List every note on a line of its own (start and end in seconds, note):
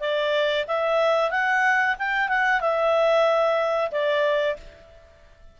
0.00 0.65 D5
0.67 1.30 E5
1.30 1.96 F#5
1.98 2.28 G5
2.28 2.60 F#5
2.60 3.91 E5
3.91 4.56 D5